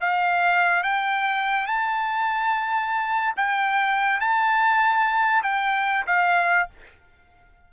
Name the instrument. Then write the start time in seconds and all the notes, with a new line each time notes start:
trumpet
0.00 F5
0.83 G5
1.66 A5
3.36 G5
4.20 A5
5.43 G5
6.06 F5